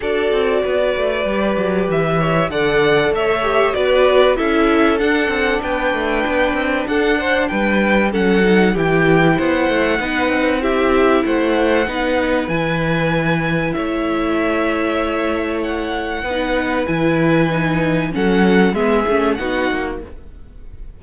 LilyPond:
<<
  \new Staff \with { instrumentName = "violin" } { \time 4/4 \tempo 4 = 96 d''2. e''4 | fis''4 e''4 d''4 e''4 | fis''4 g''2 fis''4 | g''4 fis''4 g''4 fis''4~ |
fis''4 e''4 fis''2 | gis''2 e''2~ | e''4 fis''2 gis''4~ | gis''4 fis''4 e''4 fis''4 | }
  \new Staff \with { instrumentName = "violin" } { \time 4/4 a'4 b'2~ b'8 cis''8 | d''4 cis''4 b'4 a'4~ | a'4 b'2 a'8 c''8 | b'4 a'4 g'4 c''4 |
b'4 g'4 c''4 b'4~ | b'2 cis''2~ | cis''2 b'2~ | b'4 a'4 gis'4 fis'4 | }
  \new Staff \with { instrumentName = "viola" } { \time 4/4 fis'2 g'2 | a'4. g'8 fis'4 e'4 | d'1~ | d'4 cis'8 dis'8 e'2 |
dis'4 e'2 dis'4 | e'1~ | e'2 dis'4 e'4 | dis'4 cis'4 b8 cis'8 dis'4 | }
  \new Staff \with { instrumentName = "cello" } { \time 4/4 d'8 c'8 b8 a8 g8 fis8 e4 | d4 a4 b4 cis'4 | d'8 c'8 b8 a8 b8 c'8 d'4 | g4 fis4 e4 b8 a8 |
b8 c'4. a4 b4 | e2 a2~ | a2 b4 e4~ | e4 fis4 gis8 a8 b8 ais8 | }
>>